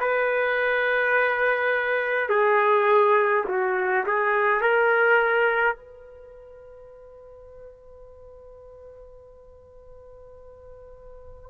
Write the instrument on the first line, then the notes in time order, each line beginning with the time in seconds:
trumpet
0.00 B4
2.29 G#4
3.48 F#4
4.06 G#4
4.62 A#4
5.76 B4